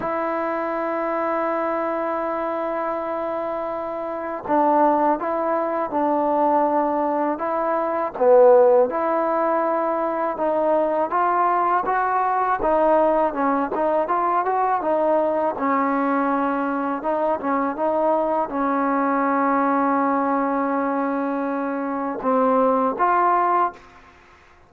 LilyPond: \new Staff \with { instrumentName = "trombone" } { \time 4/4 \tempo 4 = 81 e'1~ | e'2 d'4 e'4 | d'2 e'4 b4 | e'2 dis'4 f'4 |
fis'4 dis'4 cis'8 dis'8 f'8 fis'8 | dis'4 cis'2 dis'8 cis'8 | dis'4 cis'2.~ | cis'2 c'4 f'4 | }